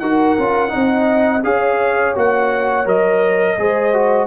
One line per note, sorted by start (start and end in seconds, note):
0.00 0.37 D#4
0.00 0.39 F#4
0.00 0.72 A#4
0.00 1.43 F#5
0.39 0.75 C#4
0.39 0.69 F4
0.69 1.40 D#4
0.69 1.44 D#5
0.76 1.44 C4
1.44 2.15 C#4
1.44 2.15 G#4
1.44 3.60 C#5
1.44 2.16 F5
2.15 2.86 A#3
2.15 2.86 F#4
2.15 2.88 F#5
2.86 3.57 F#3
2.86 3.57 A#4
2.86 4.27 D#5
3.58 4.27 G#3
3.58 3.94 G#4
3.58 4.27 C5
3.94 4.27 F#4